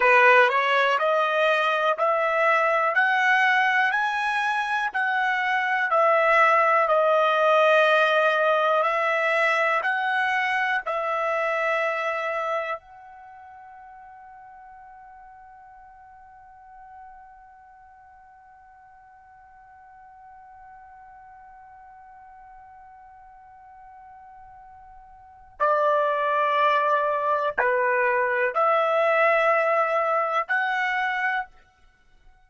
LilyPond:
\new Staff \with { instrumentName = "trumpet" } { \time 4/4 \tempo 4 = 61 b'8 cis''8 dis''4 e''4 fis''4 | gis''4 fis''4 e''4 dis''4~ | dis''4 e''4 fis''4 e''4~ | e''4 fis''2.~ |
fis''1~ | fis''1~ | fis''2 d''2 | b'4 e''2 fis''4 | }